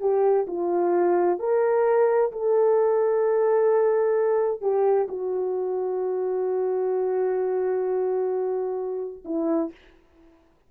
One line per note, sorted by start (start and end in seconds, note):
0.00 0.46 G4
0.47 1.40 F4
1.40 2.32 A#4
2.32 4.62 A4
4.62 5.08 G4
5.09 9.24 F#4
9.25 9.71 E4